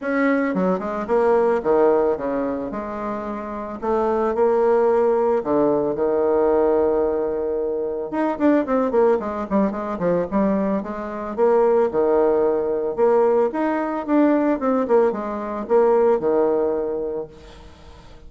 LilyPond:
\new Staff \with { instrumentName = "bassoon" } { \time 4/4 \tempo 4 = 111 cis'4 fis8 gis8 ais4 dis4 | cis4 gis2 a4 | ais2 d4 dis4~ | dis2. dis'8 d'8 |
c'8 ais8 gis8 g8 gis8 f8 g4 | gis4 ais4 dis2 | ais4 dis'4 d'4 c'8 ais8 | gis4 ais4 dis2 | }